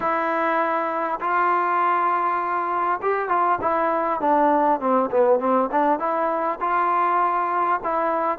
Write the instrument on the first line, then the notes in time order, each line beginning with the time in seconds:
trombone
0.00 E4
1.20 F4
3.02 G4
3.28 F4
3.61 E4
4.20 D4
4.80 C4
5.10 B3
5.39 C4
5.71 D4
5.99 E4
6.60 F4
7.83 E4